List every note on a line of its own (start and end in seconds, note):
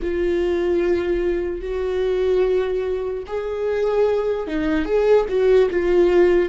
0.02 1.61 F4
1.61 3.23 F#4
3.27 4.47 G#4
4.47 4.85 D#4
4.85 5.25 G#4
5.29 5.69 F#4
5.70 6.49 F4